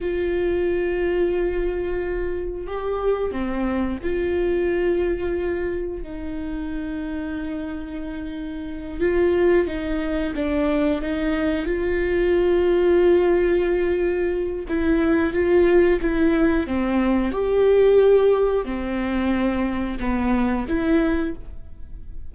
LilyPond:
\new Staff \with { instrumentName = "viola" } { \time 4/4 \tempo 4 = 90 f'1 | g'4 c'4 f'2~ | f'4 dis'2.~ | dis'4. f'4 dis'4 d'8~ |
d'8 dis'4 f'2~ f'8~ | f'2 e'4 f'4 | e'4 c'4 g'2 | c'2 b4 e'4 | }